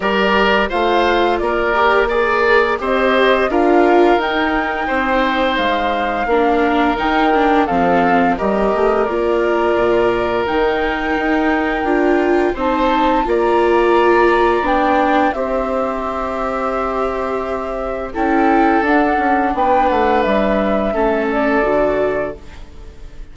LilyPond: <<
  \new Staff \with { instrumentName = "flute" } { \time 4/4 \tempo 4 = 86 d''4 f''4 d''4 ais'4 | dis''4 f''4 g''2 | f''2 g''4 f''4 | dis''4 d''2 g''4~ |
g''2 a''4 ais''4~ | ais''4 g''4 e''2~ | e''2 g''4 fis''4 | g''8 fis''8 e''4. d''4. | }
  \new Staff \with { instrumentName = "oboe" } { \time 4/4 ais'4 c''4 ais'4 d''4 | c''4 ais'2 c''4~ | c''4 ais'2 a'4 | ais'1~ |
ais'2 c''4 d''4~ | d''2 c''2~ | c''2 a'2 | b'2 a'2 | }
  \new Staff \with { instrumentName = "viola" } { \time 4/4 g'4 f'4. g'8 gis'4 | g'4 f'4 dis'2~ | dis'4 d'4 dis'8 d'8 c'4 | g'4 f'2 dis'4~ |
dis'4 f'4 dis'4 f'4~ | f'4 d'4 g'2~ | g'2 e'4 d'4~ | d'2 cis'4 fis'4 | }
  \new Staff \with { instrumentName = "bassoon" } { \time 4/4 g4 a4 ais2 | c'4 d'4 dis'4 c'4 | gis4 ais4 dis4 f4 | g8 a8 ais4 ais,4 dis4 |
dis'4 d'4 c'4 ais4~ | ais4 b4 c'2~ | c'2 cis'4 d'8 cis'8 | b8 a8 g4 a4 d4 | }
>>